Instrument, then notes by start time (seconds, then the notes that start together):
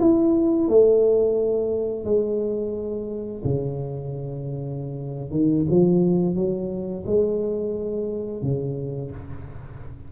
tuba
0.00 E4
0.68 A3
2.05 G#3
3.44 C#3
5.31 D#3
5.70 F3
6.35 F#3
7.06 G#3
8.42 C#3